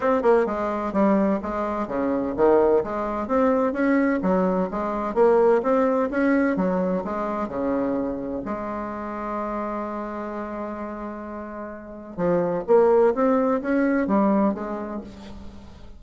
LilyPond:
\new Staff \with { instrumentName = "bassoon" } { \time 4/4 \tempo 4 = 128 c'8 ais8 gis4 g4 gis4 | cis4 dis4 gis4 c'4 | cis'4 fis4 gis4 ais4 | c'4 cis'4 fis4 gis4 |
cis2 gis2~ | gis1~ | gis2 f4 ais4 | c'4 cis'4 g4 gis4 | }